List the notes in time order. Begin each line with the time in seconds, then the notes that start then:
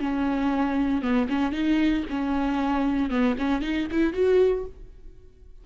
0.00 C#4
1.02 B3
1.30 C#4
1.52 D#4
2.10 C#4
3.10 B3
3.39 C#4
3.62 D#4
3.91 E4
4.13 F#4